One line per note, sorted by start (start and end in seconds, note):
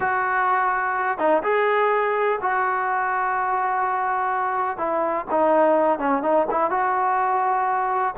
0.00 1.18 F#4
1.18 1.42 D#4
1.43 2.39 G#4
2.41 4.77 F#4
4.77 5.25 E4
5.30 5.99 D#4
5.99 6.22 C#4
6.22 6.46 D#4
6.50 6.70 E4
6.70 8.14 F#4